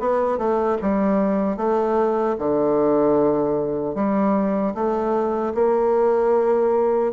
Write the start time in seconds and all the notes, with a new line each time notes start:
0.00 B3
0.38 A3
0.82 G3
1.57 A3
2.39 D3
3.95 G3
4.75 A3
5.55 A#3